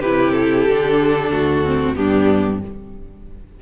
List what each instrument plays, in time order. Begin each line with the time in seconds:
0.00 cello C3, viola E4, violin G4 B4
0.31 violin A4
0.68 cello D3, viola D4
1.30 cello D2, violin F#4
1.64 viola C4
1.95 cello G2, viola B3, violin D4 G4